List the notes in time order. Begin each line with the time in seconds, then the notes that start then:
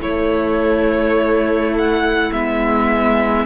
0.00 A3 E4 C#5
1.78 F#5
2.32 G#3 B3 E5